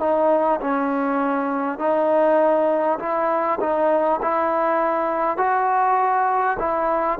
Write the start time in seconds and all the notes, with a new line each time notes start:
0.00 D#4
0.61 C#4
1.78 D#4
2.99 E4
3.60 D#4
4.22 E4
5.37 F#4
6.59 E4